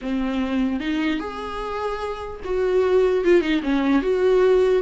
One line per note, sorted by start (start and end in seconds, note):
0.01 0.79 C4
0.79 1.19 D#4
1.19 2.40 G#4
2.44 3.24 F#4
3.24 3.41 F4
3.41 3.61 D#4
3.62 4.02 C#4
4.02 4.82 F#4